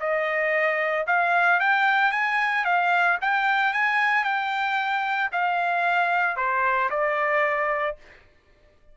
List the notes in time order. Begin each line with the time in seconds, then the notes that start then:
0.00 D#5
1.07 F5
1.60 G5
2.12 G#5
2.65 F5
3.21 G5
3.74 G#5
4.24 G5
5.32 F5
6.37 C5
6.90 D5